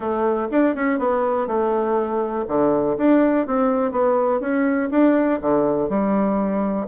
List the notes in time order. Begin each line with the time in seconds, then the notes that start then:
0.00 A3
0.51 D4
0.75 C#4
0.98 B3
1.47 A3
2.47 D3
2.97 D4
3.46 C4
3.91 B3
4.40 C#4
4.90 D4
5.41 D3
5.89 G3